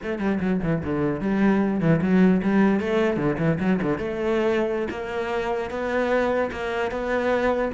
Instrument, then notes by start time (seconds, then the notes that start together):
cello
0.03 A3
0.19 G3
0.40 F#3
0.62 E3
0.83 D3
1.20 G3
1.80 E3
2.01 F#3
2.42 G3
2.79 A3
3.16 D3
3.38 E3
3.60 F#3
3.81 D3
3.97 A3
4.90 A#3
5.70 B3
6.51 A#3
6.91 B3